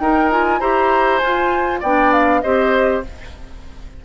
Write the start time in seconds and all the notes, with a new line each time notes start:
0.00 D#4 A#4 G5
0.31 F4 G#5
0.60 E4 G4 C5 A#5
1.19 F4 G#5
1.25 F4
1.80 B3 D4 D5 G5
2.13 F5
2.42 C4 G4 C5 D#5